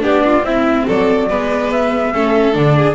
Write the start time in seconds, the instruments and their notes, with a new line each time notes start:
0.00 double bass B3, viola D4, violin G4, flute D5
0.26 violin F4
0.43 double bass C4, viola C4, violin E4, flute E5
0.87 double bass F#3, violin A4, flute D5
1.30 double bass G#3, viola B3, violin B4
1.72 flute E5
2.14 double bass A3, viola C#4, violin A4
2.52 double bass D3, viola D4, flute D5
2.77 violin G#4